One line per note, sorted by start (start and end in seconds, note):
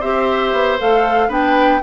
0.00 0.53 C4
0.00 0.79 G4
0.00 1.28 C5
0.00 0.79 E5
0.53 0.79 B3
0.79 1.29 A3
0.79 1.29 A4
0.79 1.32 F5
1.28 1.81 B3
1.28 1.81 D4
1.28 1.80 B4
1.28 1.83 G5